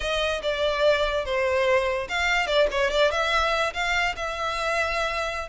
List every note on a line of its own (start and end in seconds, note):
0.00 0.41 D#5
0.42 1.25 D5
1.25 2.08 C5
2.08 2.46 F5
2.46 2.67 D5
2.71 2.90 C#5
2.90 3.11 D5
3.11 3.73 E5
3.73 4.15 F5
4.15 5.48 E5